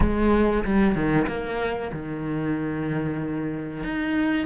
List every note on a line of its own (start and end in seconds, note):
0.00 0.64 G#3
0.64 0.95 G3
0.95 1.26 D#3
1.27 1.91 A#3
1.92 3.83 D#3
3.83 4.46 D#4